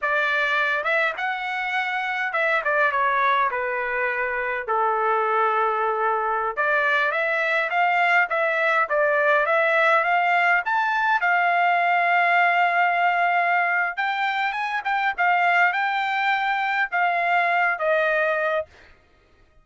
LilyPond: \new Staff \with { instrumentName = "trumpet" } { \time 4/4 \tempo 4 = 103 d''4. e''8 fis''2 | e''8 d''8 cis''4 b'2 | a'2.~ a'16 d''8.~ | d''16 e''4 f''4 e''4 d''8.~ |
d''16 e''4 f''4 a''4 f''8.~ | f''1 | g''4 gis''8 g''8 f''4 g''4~ | g''4 f''4. dis''4. | }